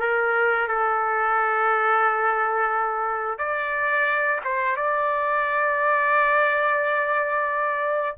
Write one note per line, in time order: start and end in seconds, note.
0.00 0.68 A#4
0.68 3.38 A4
3.38 4.40 D5
4.44 4.77 C5
4.77 8.18 D5